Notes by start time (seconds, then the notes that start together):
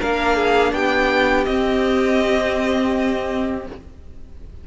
0.00 A#3 D4 A#4 F5
0.36 G#4
0.73 B3 G4 G5
1.45 C4 D#5